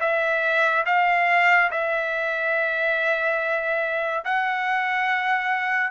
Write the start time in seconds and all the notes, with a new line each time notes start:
0.00 E5
0.86 F5
1.71 E5
4.24 F#5